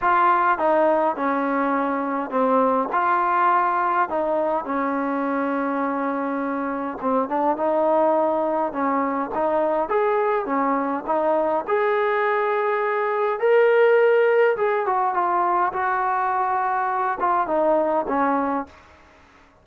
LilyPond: \new Staff \with { instrumentName = "trombone" } { \time 4/4 \tempo 4 = 103 f'4 dis'4 cis'2 | c'4 f'2 dis'4 | cis'1 | c'8 d'8 dis'2 cis'4 |
dis'4 gis'4 cis'4 dis'4 | gis'2. ais'4~ | ais'4 gis'8 fis'8 f'4 fis'4~ | fis'4. f'8 dis'4 cis'4 | }